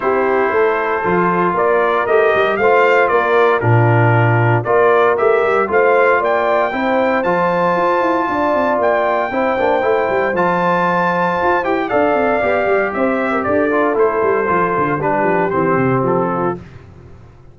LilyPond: <<
  \new Staff \with { instrumentName = "trumpet" } { \time 4/4 \tempo 4 = 116 c''2. d''4 | dis''4 f''4 d''4 ais'4~ | ais'4 d''4 e''4 f''4 | g''2 a''2~ |
a''4 g''2. | a''2~ a''8 g''8 f''4~ | f''4 e''4 d''4 c''4~ | c''4 b'4 c''4 a'4 | }
  \new Staff \with { instrumentName = "horn" } { \time 4/4 g'4 a'2 ais'4~ | ais'4 c''4 ais'4 f'4~ | f'4 ais'2 c''4 | d''4 c''2. |
d''2 c''2~ | c''2. d''4~ | d''4 c''8. ais'16 a'2~ | a'4 g'2~ g'8 f'8 | }
  \new Staff \with { instrumentName = "trombone" } { \time 4/4 e'2 f'2 | g'4 f'2 d'4~ | d'4 f'4 g'4 f'4~ | f'4 e'4 f'2~ |
f'2 e'8 d'8 e'4 | f'2~ f'8 g'8 a'4 | g'2~ g'8 f'8 e'4 | f'4 d'4 c'2 | }
  \new Staff \with { instrumentName = "tuba" } { \time 4/4 c'4 a4 f4 ais4 | a8 g8 a4 ais4 ais,4~ | ais,4 ais4 a8 g8 a4 | ais4 c'4 f4 f'8 e'8 |
d'8 c'8 ais4 c'8 ais8 a8 g8 | f2 f'8 e'8 d'8 c'8 | b8 g8 c'4 d'4 a8 g8 | f8 d8 g8 f8 e8 c8 f4 | }
>>